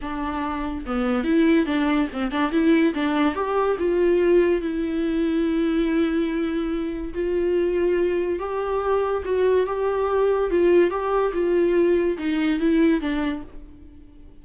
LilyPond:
\new Staff \with { instrumentName = "viola" } { \time 4/4 \tempo 4 = 143 d'2 b4 e'4 | d'4 c'8 d'8 e'4 d'4 | g'4 f'2 e'4~ | e'1~ |
e'4 f'2. | g'2 fis'4 g'4~ | g'4 f'4 g'4 f'4~ | f'4 dis'4 e'4 d'4 | }